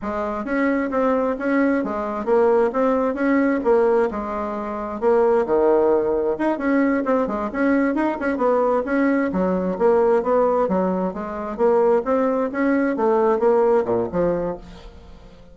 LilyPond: \new Staff \with { instrumentName = "bassoon" } { \time 4/4 \tempo 4 = 132 gis4 cis'4 c'4 cis'4 | gis4 ais4 c'4 cis'4 | ais4 gis2 ais4 | dis2 dis'8 cis'4 c'8 |
gis8 cis'4 dis'8 cis'8 b4 cis'8~ | cis'8 fis4 ais4 b4 fis8~ | fis8 gis4 ais4 c'4 cis'8~ | cis'8 a4 ais4 ais,8 f4 | }